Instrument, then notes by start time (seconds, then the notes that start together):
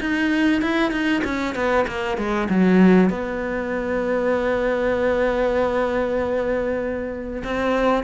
cello
0.00 D#4
0.62 E4
0.91 D#4
1.24 C#4
1.55 B3
1.87 A#3
2.17 G#3
2.49 F#3
3.09 B3
7.44 C4